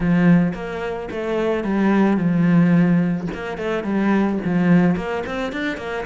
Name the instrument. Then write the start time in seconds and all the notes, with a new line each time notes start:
cello
0.00 F3
0.54 A#3
1.11 A3
1.64 G3
2.17 F3
3.34 A#3
3.57 A3
3.83 G3
4.44 F3
4.96 A#3
5.25 C4
5.52 D4
5.77 A#3